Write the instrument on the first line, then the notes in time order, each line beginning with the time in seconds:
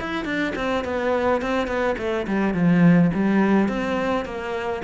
cello
0.00 E4
0.25 D4
0.56 C4
0.84 B3
1.42 C4
1.67 B3
1.98 A3
2.27 G3
2.54 F3
3.14 G3
3.68 C4
4.25 A#3